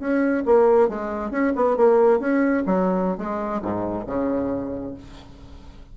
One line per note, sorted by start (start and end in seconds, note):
0.00 0.44 C#4
0.46 0.89 A#3
0.89 1.31 G#3
1.31 1.53 C#4
1.56 1.77 B3
1.77 2.20 A#3
2.20 2.64 C#4
2.67 3.18 F#3
3.18 3.62 G#3
3.63 4.06 G#2
4.07 4.94 C#3